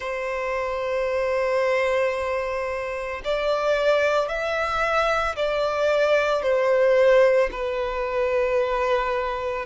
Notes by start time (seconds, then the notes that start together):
0.00 C5
3.24 D5
4.28 E5
5.36 D5
6.42 C5
7.51 B4